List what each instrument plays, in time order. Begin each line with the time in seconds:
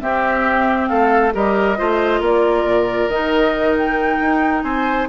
0.00 clarinet C4, bassoon C4, oboe G4, flute E5
0.87 bassoon A3, oboe A4, flute F5
1.32 bassoon G3, clarinet G4, oboe A#4, flute D#5
1.77 bassoon A3, clarinet F4, oboe C5
2.20 bassoon A#3, oboe A#4, flute D5
2.64 bassoon A#2
3.08 bassoon D#3, clarinet D#4, flute D#5
3.78 flute G5
4.20 bassoon D#4
4.62 bassoon C4, oboe C5, flute G#5